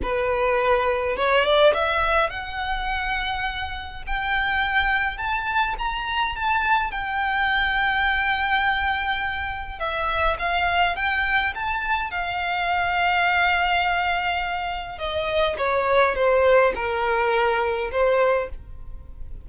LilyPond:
\new Staff \with { instrumentName = "violin" } { \time 4/4 \tempo 4 = 104 b'2 cis''8 d''8 e''4 | fis''2. g''4~ | g''4 a''4 ais''4 a''4 | g''1~ |
g''4 e''4 f''4 g''4 | a''4 f''2.~ | f''2 dis''4 cis''4 | c''4 ais'2 c''4 | }